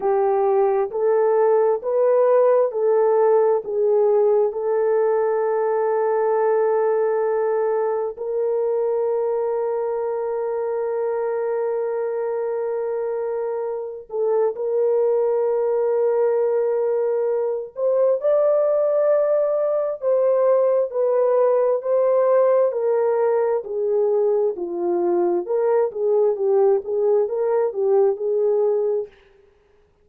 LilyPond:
\new Staff \with { instrumentName = "horn" } { \time 4/4 \tempo 4 = 66 g'4 a'4 b'4 a'4 | gis'4 a'2.~ | a'4 ais'2.~ | ais'2.~ ais'8 a'8 |
ais'2.~ ais'8 c''8 | d''2 c''4 b'4 | c''4 ais'4 gis'4 f'4 | ais'8 gis'8 g'8 gis'8 ais'8 g'8 gis'4 | }